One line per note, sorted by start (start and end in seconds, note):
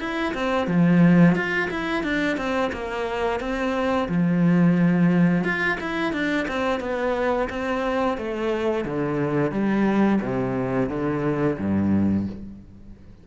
0.00 0.34 E4
0.34 0.68 C4
0.68 1.36 F3
1.36 1.70 F4
1.71 2.04 E4
2.04 2.38 D4
2.38 2.72 C4
2.73 3.40 A#3
3.40 4.08 C4
4.09 5.44 F3
5.44 5.78 F4
5.81 6.13 E4
6.13 6.47 D4
6.48 6.81 C4
6.81 7.49 B3
7.50 8.18 C4
8.18 8.85 A3
8.85 9.52 D3
9.52 10.20 G3
10.21 10.90 C3
10.90 11.58 D3
11.59 12.27 G2